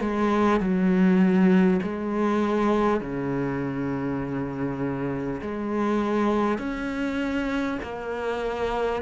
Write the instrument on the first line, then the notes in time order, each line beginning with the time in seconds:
cello
0.00 G#3
0.60 F#3
1.82 G#3
3.00 C#3
5.41 G#3
6.58 C#4
7.82 A#3